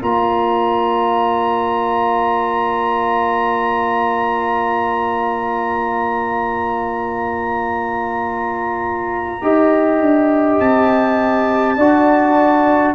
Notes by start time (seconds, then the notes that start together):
0.00 A#3 F4 D5 A#5
9.42 D#4 G4 D#5
10.00 D4
10.60 C4 A5
11.77 D4 F#4 D5